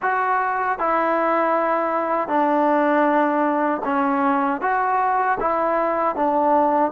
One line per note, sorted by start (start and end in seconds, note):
0.01 0.78 F#4
0.79 2.27 E4
2.27 3.81 D4
3.84 4.61 C#4
4.61 5.38 F#4
5.40 6.15 E4
6.15 6.91 D4